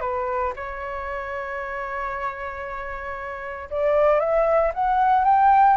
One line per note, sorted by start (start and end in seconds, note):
0.00 0.52 B4
0.56 3.69 C#5
3.70 4.19 D5
4.19 4.71 E5
4.74 5.24 F#5
5.24 5.76 G5